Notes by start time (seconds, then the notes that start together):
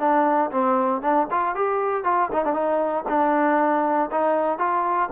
0.00 D4
0.51 C4
1.02 D4
1.31 F4
1.56 G4
2.04 F4
2.33 D#4
2.45 D4
2.54 D#4
3.09 D4
4.11 D#4
4.59 F4